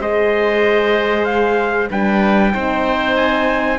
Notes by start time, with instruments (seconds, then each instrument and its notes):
0.00 cello G#3, horn G#4, oboe C5, trumpet D#5
1.25 trumpet F5
1.90 cello G3, horn D4, oboe B4, trumpet G5
2.53 cello C4, horn D#4, oboe C5
3.17 trumpet G#5